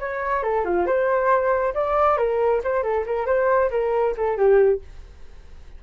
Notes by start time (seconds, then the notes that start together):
0.00 C#5
0.43 A4
0.65 F4
0.86 C5
1.74 D5
2.18 A#4
2.64 C5
2.83 A4
3.07 A#4
3.27 C5
3.71 A#4
4.17 A4
4.37 G4